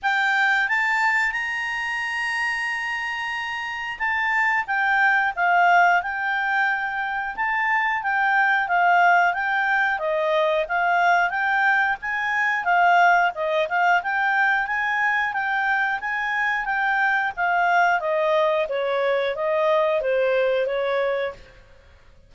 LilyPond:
\new Staff \with { instrumentName = "clarinet" } { \time 4/4 \tempo 4 = 90 g''4 a''4 ais''2~ | ais''2 a''4 g''4 | f''4 g''2 a''4 | g''4 f''4 g''4 dis''4 |
f''4 g''4 gis''4 f''4 | dis''8 f''8 g''4 gis''4 g''4 | gis''4 g''4 f''4 dis''4 | cis''4 dis''4 c''4 cis''4 | }